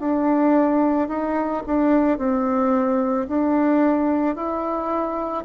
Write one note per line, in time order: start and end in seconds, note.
0.00 1.08 D4
1.08 1.63 D#4
1.66 2.18 D4
2.18 3.27 C4
3.28 4.35 D4
4.35 5.44 E4